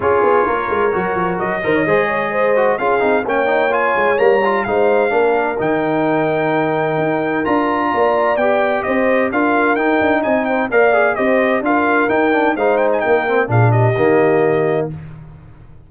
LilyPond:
<<
  \new Staff \with { instrumentName = "trumpet" } { \time 4/4 \tempo 4 = 129 cis''2. dis''4~ | dis''2 f''4 g''4 | gis''4 ais''4 f''2 | g''1 |
ais''2 g''4 dis''4 | f''4 g''4 gis''8 g''8 f''4 | dis''4 f''4 g''4 f''8 g''16 gis''16 | g''4 f''8 dis''2~ dis''8 | }
  \new Staff \with { instrumentName = "horn" } { \time 4/4 gis'4 ais'2~ ais'8 c''16 cis''16 | c''8 cis''8 c''4 gis'4 cis''4~ | cis''2 c''4 ais'4~ | ais'1~ |
ais'4 d''2 c''4 | ais'2 dis''8 c''8 d''4 | c''4 ais'2 c''4 | ais'4 gis'8 g'2~ g'8 | }
  \new Staff \with { instrumentName = "trombone" } { \time 4/4 f'2 fis'4. ais'8 | gis'4. fis'8 f'8 dis'8 cis'8 dis'8 | f'4 ais8 f'8 dis'4 d'4 | dis'1 |
f'2 g'2 | f'4 dis'2 ais'8 gis'8 | g'4 f'4 dis'8 d'8 dis'4~ | dis'8 c'8 d'4 ais2 | }
  \new Staff \with { instrumentName = "tuba" } { \time 4/4 cis'8 b8 ais8 gis8 fis8 f8 fis8 dis8 | gis2 cis'8 c'8 ais4~ | ais8 gis8 g4 gis4 ais4 | dis2. dis'4 |
d'4 ais4 b4 c'4 | d'4 dis'8 d'8 c'4 ais4 | c'4 d'4 dis'4 gis4 | ais4 ais,4 dis2 | }
>>